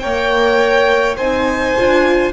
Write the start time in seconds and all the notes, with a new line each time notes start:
0.00 A#3 A#4 C#5 G5
1.17 C4 D#4 C5 G#5
1.78 D4 F4